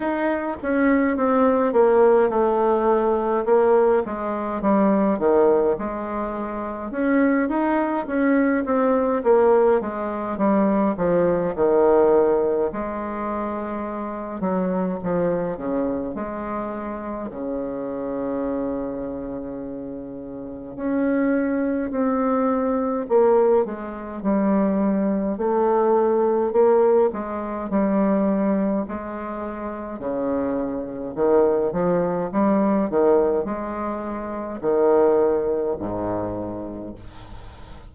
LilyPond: \new Staff \with { instrumentName = "bassoon" } { \time 4/4 \tempo 4 = 52 dis'8 cis'8 c'8 ais8 a4 ais8 gis8 | g8 dis8 gis4 cis'8 dis'8 cis'8 c'8 | ais8 gis8 g8 f8 dis4 gis4~ | gis8 fis8 f8 cis8 gis4 cis4~ |
cis2 cis'4 c'4 | ais8 gis8 g4 a4 ais8 gis8 | g4 gis4 cis4 dis8 f8 | g8 dis8 gis4 dis4 gis,4 | }